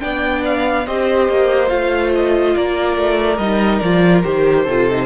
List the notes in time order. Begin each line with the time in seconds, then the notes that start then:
0.00 B3 D4 D5 G5
0.45 F5
0.86 C4 G4 C5 D#5
1.29 A#3
1.68 A3 F4 F5
2.15 D#5
2.55 A#3 A#4 D5
2.96 A3
3.37 G3 D#4 D#5
3.79 F3 F4 D5
4.24 D#3 G4 C5
4.63 C3 A4
4.70 F4
4.91 D#4